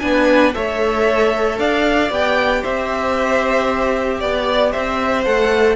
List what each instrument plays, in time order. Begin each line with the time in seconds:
0.00 cello B3, viola D4, violin G#5
0.07 violin B4
0.54 cello A3, viola A4, violin C#5 E5
1.59 cello D4, violin D5 F5
2.10 cello B3, viola G4, violin G5
2.61 cello C4, violin C5 E5
4.19 cello B3, violin D5
4.72 cello C4, violin C5 E5
5.24 cello A3, viola A4, violin F#5